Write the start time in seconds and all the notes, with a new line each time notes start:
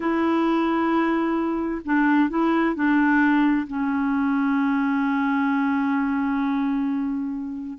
0.00 E4
1.84 D4
2.29 E4
2.75 D4
3.67 C#4